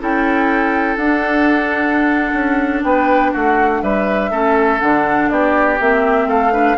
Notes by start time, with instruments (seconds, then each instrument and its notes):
0.00 bassoon C#4, clarinet E4, oboe A4, flute G5
0.97 bassoon D4, clarinet D4, flute F#5
2.34 bassoon C#4
2.84 bassoon B3, oboe B4, flute G5
3.32 bassoon A3, oboe F#4, flute F#5
3.82 bassoon G3, oboe B4, flute E5
4.31 bassoon A3, clarinet C#4, oboe A4
4.80 bassoon D3, clarinet D4, flute F#5
5.29 bassoon B3, oboe G4, flute D5
5.80 bassoon A#3, clarinet C4, flute E5
6.27 bassoon A3, oboe A4, flute F5
6.52 clarinet D4, oboe B4